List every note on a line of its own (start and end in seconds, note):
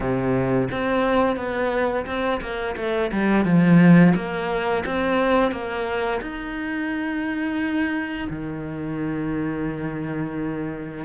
0.00 0.68 C3
0.71 1.36 C4
1.36 2.05 B3
2.06 2.40 C4
2.41 2.75 A#3
2.76 3.11 A3
3.12 3.44 G3
3.44 4.13 F3
4.15 4.84 A#3
4.85 5.51 C4
5.51 6.20 A#3
6.21 8.28 D#4
8.29 11.04 D#3